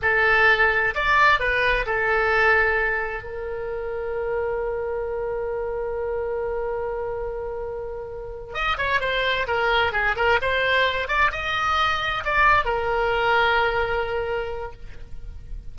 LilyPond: \new Staff \with { instrumentName = "oboe" } { \time 4/4 \tempo 4 = 130 a'2 d''4 b'4 | a'2. ais'4~ | ais'1~ | ais'1~ |
ais'2~ ais'8 dis''8 cis''8 c''8~ | c''8 ais'4 gis'8 ais'8 c''4. | d''8 dis''2 d''4 ais'8~ | ais'1 | }